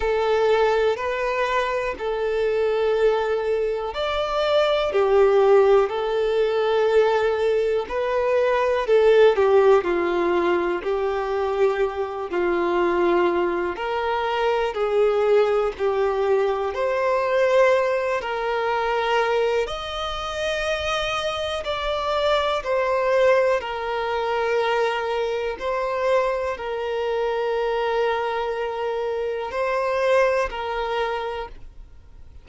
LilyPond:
\new Staff \with { instrumentName = "violin" } { \time 4/4 \tempo 4 = 61 a'4 b'4 a'2 | d''4 g'4 a'2 | b'4 a'8 g'8 f'4 g'4~ | g'8 f'4. ais'4 gis'4 |
g'4 c''4. ais'4. | dis''2 d''4 c''4 | ais'2 c''4 ais'4~ | ais'2 c''4 ais'4 | }